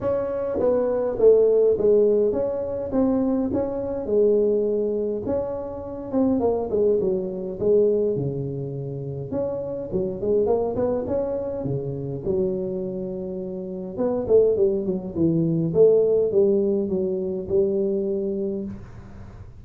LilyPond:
\new Staff \with { instrumentName = "tuba" } { \time 4/4 \tempo 4 = 103 cis'4 b4 a4 gis4 | cis'4 c'4 cis'4 gis4~ | gis4 cis'4. c'8 ais8 gis8 | fis4 gis4 cis2 |
cis'4 fis8 gis8 ais8 b8 cis'4 | cis4 fis2. | b8 a8 g8 fis8 e4 a4 | g4 fis4 g2 | }